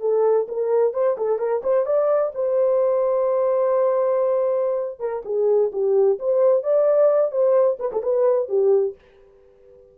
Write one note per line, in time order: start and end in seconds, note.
0.00 0.47 A4
0.48 0.93 A#4
0.93 1.16 C5
1.17 1.38 A4
1.38 1.62 A#4
1.63 1.85 C5
1.85 2.32 D5
2.34 4.99 C5
4.99 5.22 A#4
5.25 5.71 G#4
5.72 6.18 G4
6.19 6.62 C5
6.62 7.31 D5
7.31 7.77 C5
7.79 7.91 B4
7.92 8.02 A4
8.02 8.48 B4
8.48 8.95 G4